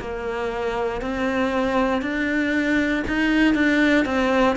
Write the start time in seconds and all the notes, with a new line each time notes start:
0.00 A#3
1.01 C4
2.02 D4
3.07 D#4
3.55 D4
4.05 C4